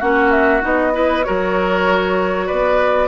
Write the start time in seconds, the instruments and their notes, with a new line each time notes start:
0.00 bassoon A#3, clarinet C#4, oboe F#4, flute F#5
0.31 flute E5
0.61 bassoon B3, clarinet D#4, flute D#5
0.93 clarinet E4, oboe B4
1.24 bassoon F#3, clarinet F#4, oboe A#4, flute C#5
2.47 bassoon B3, oboe B4, flute D5